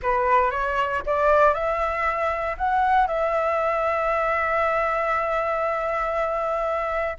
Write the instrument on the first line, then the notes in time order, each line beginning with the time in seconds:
flute
0.02 B4
0.51 C#5
1.06 D5
1.54 E5
2.57 F#5
3.07 E5